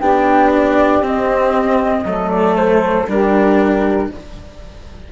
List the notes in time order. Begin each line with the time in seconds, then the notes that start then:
0.00 B3 D4 G4 G5
0.55 D5
1.01 C4 D#5
2.05 F#3 A3 A4
2.31 D5
2.57 C5
3.08 G3 D4 G4 A#4